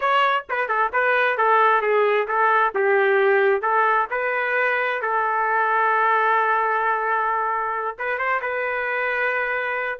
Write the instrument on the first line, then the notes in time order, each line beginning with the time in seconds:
trumpet
0.00 C#5
0.49 B4
0.68 A4
0.92 B4
1.37 A4
1.81 G#4
2.27 A4
2.74 G4
3.61 A4
4.10 B4
5.01 A4
7.98 B4
8.18 C5
8.41 B4